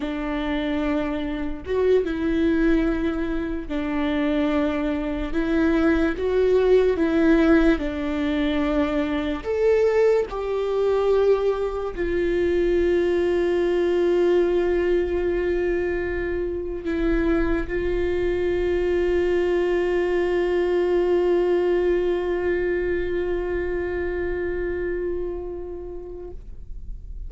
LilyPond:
\new Staff \with { instrumentName = "viola" } { \time 4/4 \tempo 4 = 73 d'2 fis'8 e'4.~ | e'8 d'2 e'4 fis'8~ | fis'8 e'4 d'2 a'8~ | a'8 g'2 f'4.~ |
f'1~ | f'8 e'4 f'2~ f'8~ | f'1~ | f'1 | }